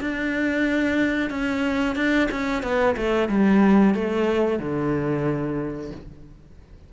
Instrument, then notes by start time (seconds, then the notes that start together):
cello
0.00 D4
1.29 C#4
1.95 D4
2.31 C#4
2.62 B3
2.97 A3
3.28 G3
3.94 A3
4.59 D3